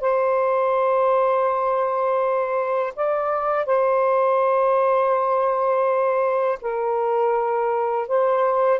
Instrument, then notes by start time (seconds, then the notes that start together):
saxophone
0.00 C5
2.95 D5
3.66 C5
6.61 A#4
8.07 C5